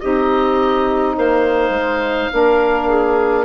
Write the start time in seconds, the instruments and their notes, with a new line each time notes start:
0.00 bassoon C4, saxophone D#4, clarinet G4, oboe D#5
1.14 bassoon A#3, clarinet C5, oboe F5
1.69 bassoon G#3
2.31 bassoon A#3, saxophone D4, clarinet A#4
2.88 clarinet G#4